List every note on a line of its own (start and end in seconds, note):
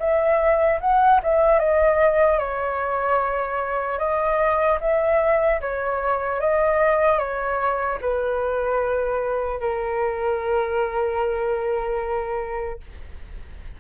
0.00 0.80 E5
0.81 1.21 F#5
1.23 1.59 E5
1.59 2.39 D#5
2.39 3.99 C#5
3.99 4.79 D#5
4.81 5.61 E5
5.61 6.40 C#5
6.40 7.19 D#5
7.19 7.99 C#5
8.01 9.60 B4
9.60 12.80 A#4